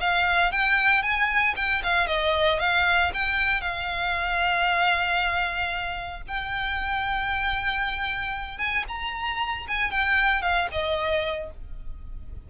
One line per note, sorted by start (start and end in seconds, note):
0.00 0.51 F5
0.51 1.02 G5
1.02 1.54 G#5
1.56 1.82 G5
1.83 2.07 F5
2.07 2.59 D#5
2.59 3.11 F5
3.13 3.60 G5
3.60 6.21 F5
6.27 8.58 G5
8.58 8.84 G#5
8.88 9.66 A#5
9.67 9.91 G#5
9.91 10.41 G5
10.41 10.67 F5
10.72 11.50 D#5